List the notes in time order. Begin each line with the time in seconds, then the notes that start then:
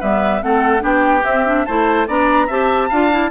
0.00 G3 B3 B4 E5
0.41 A3 C4 A4 F#5
0.80 B3 D4 G4 G5
1.24 C4 E5
1.46 D4
1.66 A3 E4 C5 A5
2.08 B3 D4 D5 A#5
2.47 C4 G4 E5 A5
2.89 D4 F4 F5
3.11 E4